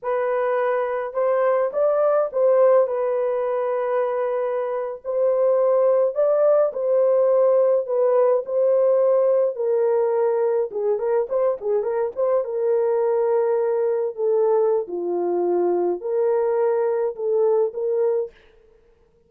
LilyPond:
\new Staff \with { instrumentName = "horn" } { \time 4/4 \tempo 4 = 105 b'2 c''4 d''4 | c''4 b'2.~ | b'8. c''2 d''4 c''16~ | c''4.~ c''16 b'4 c''4~ c''16~ |
c''8. ais'2 gis'8 ais'8 c''16~ | c''16 gis'8 ais'8 c''8 ais'2~ ais'16~ | ais'8. a'4~ a'16 f'2 | ais'2 a'4 ais'4 | }